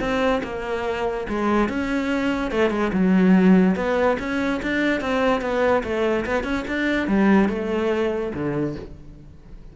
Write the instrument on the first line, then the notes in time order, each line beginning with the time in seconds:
cello
0.00 C4
0.43 A#3
1.29 G#3
1.69 C#4
2.51 A3
2.71 G#3
2.93 F#3
3.76 B3
4.19 C#4
4.62 D4
5.01 C4
5.41 B3
5.84 A3
6.26 B3
6.44 C#4
6.68 D4
7.07 G3
7.49 A3
8.34 D3